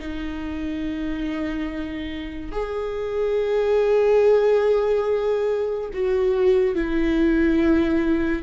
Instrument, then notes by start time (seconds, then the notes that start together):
viola
0.00 D#4
2.52 G#4
5.94 F#4
6.76 E4